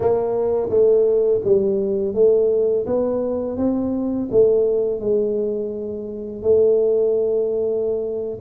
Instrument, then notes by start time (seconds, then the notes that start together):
tuba
0.00 A#3
0.69 A3
1.44 G3
2.14 A3
2.86 B3
3.57 C4
4.31 A3
4.99 G#3
6.42 A3